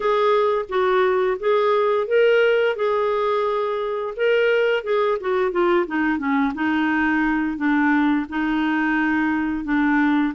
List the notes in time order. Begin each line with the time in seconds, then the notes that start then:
0.00 G#4
0.68 F#4
1.39 G#4
2.07 A#4
2.76 G#4
4.16 A#4
4.83 G#4
5.20 F#4
5.51 F4
5.86 D#4
6.18 C#4
6.54 D#4
7.57 D4
8.29 D#4
9.64 D4